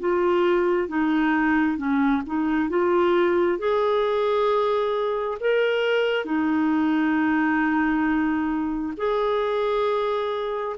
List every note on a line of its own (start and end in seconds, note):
0.00 0.89 F4
0.89 1.78 D#4
1.78 2.23 C#4
2.26 2.69 D#4
2.69 3.59 F4
3.59 5.38 G#4
5.41 6.25 A#4
6.25 8.94 D#4
8.97 10.76 G#4